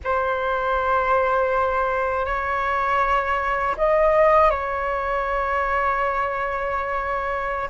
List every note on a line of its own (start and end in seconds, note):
0.03 2.25 C5
2.25 3.75 C#5
3.77 4.50 D#5
4.50 7.69 C#5